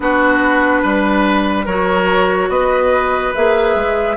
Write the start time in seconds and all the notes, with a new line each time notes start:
0.00 B3 D4 F#4 B4
0.81 G3 B4
1.65 F#3 F#4 A#4 C#5
2.48 B3 B4 D#5
3.34 A#3 G#4 E5
3.75 G#3